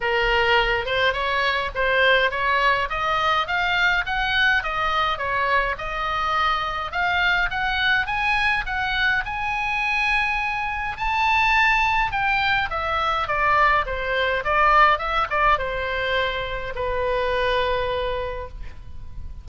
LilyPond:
\new Staff \with { instrumentName = "oboe" } { \time 4/4 \tempo 4 = 104 ais'4. c''8 cis''4 c''4 | cis''4 dis''4 f''4 fis''4 | dis''4 cis''4 dis''2 | f''4 fis''4 gis''4 fis''4 |
gis''2. a''4~ | a''4 g''4 e''4 d''4 | c''4 d''4 e''8 d''8 c''4~ | c''4 b'2. | }